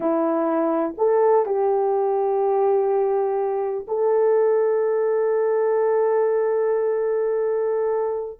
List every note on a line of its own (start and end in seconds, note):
0.00 0.94 E4
0.97 1.45 A4
1.45 3.85 G4
3.87 8.39 A4